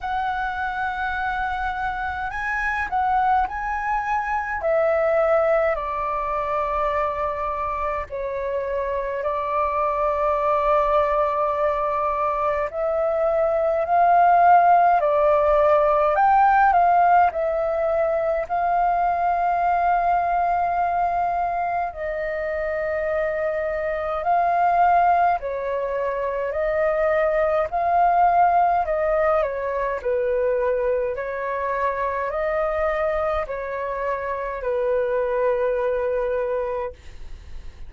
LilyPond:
\new Staff \with { instrumentName = "flute" } { \time 4/4 \tempo 4 = 52 fis''2 gis''8 fis''8 gis''4 | e''4 d''2 cis''4 | d''2. e''4 | f''4 d''4 g''8 f''8 e''4 |
f''2. dis''4~ | dis''4 f''4 cis''4 dis''4 | f''4 dis''8 cis''8 b'4 cis''4 | dis''4 cis''4 b'2 | }